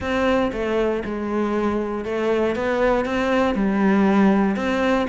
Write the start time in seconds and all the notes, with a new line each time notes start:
0.00 C4
0.52 A3
1.04 G#3
2.05 A3
2.55 B3
3.05 C4
3.55 G3
4.56 C4